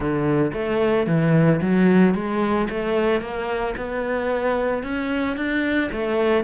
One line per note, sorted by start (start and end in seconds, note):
0.00 0.51 D3
0.53 1.06 A3
1.06 1.60 E3
1.61 2.14 F#3
2.14 2.68 G#3
2.69 3.21 A3
3.21 3.75 A#3
3.76 4.83 B3
4.83 5.36 C#4
5.36 5.90 D4
5.92 6.44 A3